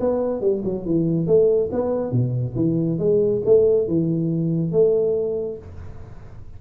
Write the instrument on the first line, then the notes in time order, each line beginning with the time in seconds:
tuba
0.00 B3
0.41 G3
0.64 F#3
0.86 E3
1.27 A3
1.72 B3
2.11 B2
2.55 E3
2.99 G#3
3.45 A3
3.88 E3
4.72 A3